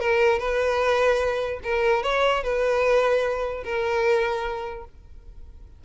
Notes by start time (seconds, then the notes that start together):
0.00 A#4
0.39 B4
1.64 A#4
2.04 C#5
2.44 B4
3.64 A#4